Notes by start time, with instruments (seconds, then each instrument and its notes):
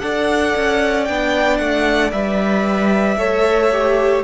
0.00 cello D4, viola A4, violin D5 F#5
0.57 cello C#4
1.05 cello B3, viola D4, violin G5
1.58 cello A3, violin F#5
2.12 cello G3, viola B4, violin E5
3.18 cello A3, viola A4, violin C#5
3.72 viola G4